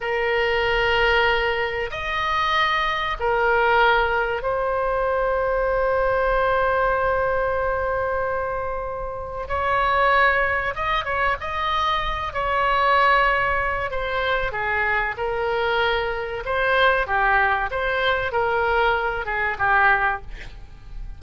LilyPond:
\new Staff \with { instrumentName = "oboe" } { \time 4/4 \tempo 4 = 95 ais'2. dis''4~ | dis''4 ais'2 c''4~ | c''1~ | c''2. cis''4~ |
cis''4 dis''8 cis''8 dis''4. cis''8~ | cis''2 c''4 gis'4 | ais'2 c''4 g'4 | c''4 ais'4. gis'8 g'4 | }